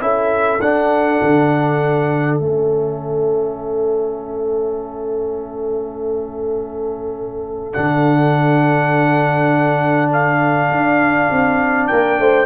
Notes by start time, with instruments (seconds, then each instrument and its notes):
0.00 tuba C#4, trombone E4, horn A4, trumpet E5
0.61 tuba D4, trombone D4, trumpet F#5
1.22 tuba D3
2.38 tuba A3, trombone C#4, trumpet E5
7.73 tuba D3, trombone D4, trumpet F#5
10.12 trumpet F5
10.70 tuba D4
11.30 tuba C4
11.87 tuba A#3, horn A#4, trumpet G5
12.19 tuba A3, horn C5